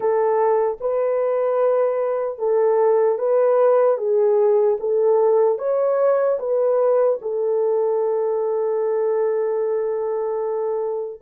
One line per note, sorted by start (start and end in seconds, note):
0.00 0.77 A4
0.80 2.38 B4
2.38 3.18 A4
3.18 3.97 B4
3.97 4.77 G#4
4.80 5.58 A4
5.58 6.38 C#5
6.39 7.19 B4
7.21 11.21 A4